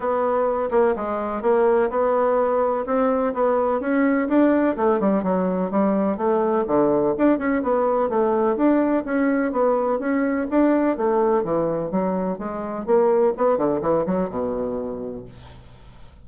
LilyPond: \new Staff \with { instrumentName = "bassoon" } { \time 4/4 \tempo 4 = 126 b4. ais8 gis4 ais4 | b2 c'4 b4 | cis'4 d'4 a8 g8 fis4 | g4 a4 d4 d'8 cis'8 |
b4 a4 d'4 cis'4 | b4 cis'4 d'4 a4 | e4 fis4 gis4 ais4 | b8 d8 e8 fis8 b,2 | }